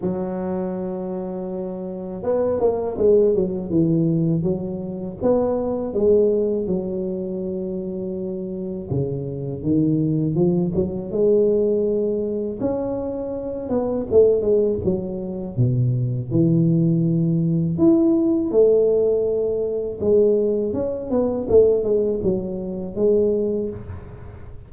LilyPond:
\new Staff \with { instrumentName = "tuba" } { \time 4/4 \tempo 4 = 81 fis2. b8 ais8 | gis8 fis8 e4 fis4 b4 | gis4 fis2. | cis4 dis4 f8 fis8 gis4~ |
gis4 cis'4. b8 a8 gis8 | fis4 b,4 e2 | e'4 a2 gis4 | cis'8 b8 a8 gis8 fis4 gis4 | }